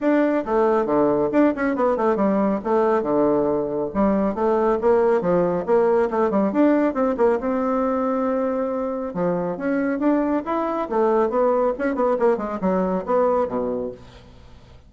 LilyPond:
\new Staff \with { instrumentName = "bassoon" } { \time 4/4 \tempo 4 = 138 d'4 a4 d4 d'8 cis'8 | b8 a8 g4 a4 d4~ | d4 g4 a4 ais4 | f4 ais4 a8 g8 d'4 |
c'8 ais8 c'2.~ | c'4 f4 cis'4 d'4 | e'4 a4 b4 cis'8 b8 | ais8 gis8 fis4 b4 b,4 | }